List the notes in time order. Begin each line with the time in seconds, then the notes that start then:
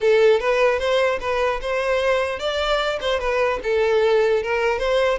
0.01 A4
0.40 B4
0.79 C5
1.20 B4
1.61 C5
2.39 D5
3.01 C5
3.19 B4
3.63 A4
4.42 A#4
4.78 C5